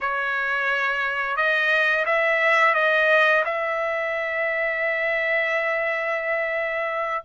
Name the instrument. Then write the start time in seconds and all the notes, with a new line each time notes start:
trumpet
0.00 C#5
1.36 D#5
2.05 E5
2.74 D#5
3.45 E5